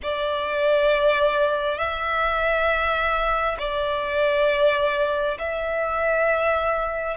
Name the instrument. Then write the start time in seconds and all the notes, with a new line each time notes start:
violin
0.02 D5
1.78 E5
3.58 D5
5.38 E5